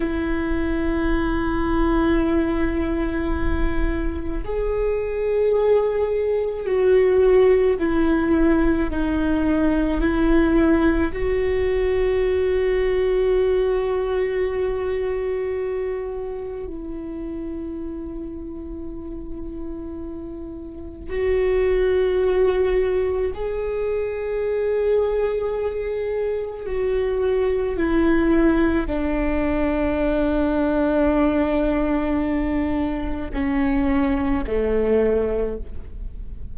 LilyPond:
\new Staff \with { instrumentName = "viola" } { \time 4/4 \tempo 4 = 54 e'1 | gis'2 fis'4 e'4 | dis'4 e'4 fis'2~ | fis'2. e'4~ |
e'2. fis'4~ | fis'4 gis'2. | fis'4 e'4 d'2~ | d'2 cis'4 a4 | }